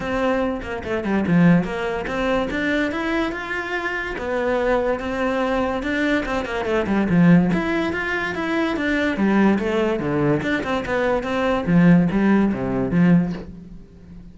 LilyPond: \new Staff \with { instrumentName = "cello" } { \time 4/4 \tempo 4 = 144 c'4. ais8 a8 g8 f4 | ais4 c'4 d'4 e'4 | f'2 b2 | c'2 d'4 c'8 ais8 |
a8 g8 f4 e'4 f'4 | e'4 d'4 g4 a4 | d4 d'8 c'8 b4 c'4 | f4 g4 c4 f4 | }